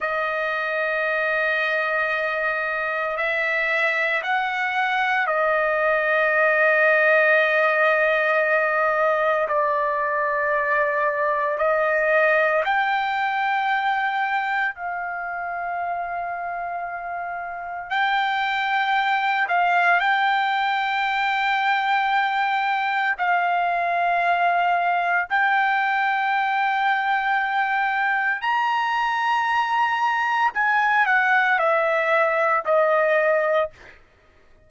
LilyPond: \new Staff \with { instrumentName = "trumpet" } { \time 4/4 \tempo 4 = 57 dis''2. e''4 | fis''4 dis''2.~ | dis''4 d''2 dis''4 | g''2 f''2~ |
f''4 g''4. f''8 g''4~ | g''2 f''2 | g''2. ais''4~ | ais''4 gis''8 fis''8 e''4 dis''4 | }